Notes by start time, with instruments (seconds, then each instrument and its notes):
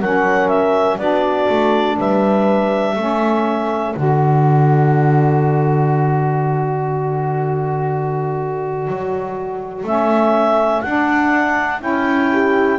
0.00 double bass F#3, saxophone C#4, horn A#4, clarinet F#5
0.48 clarinet E5
0.98 double bass B3, saxophone D4, horn F#4, clarinet D5
1.49 double bass A3
1.98 double bass G3, horn B4, clarinet E5
2.96 double bass A3, saxophone C#4, horn A4
3.94 double bass D3, saxophone F#4, clarinet D5
8.87 double bass F#3
9.83 double bass A3, saxophone C#4, clarinet E5
10.82 double bass D4, saxophone D4, clarinet F#5
11.80 double bass C#4, saxophone E4, clarinet G5
12.32 horn G4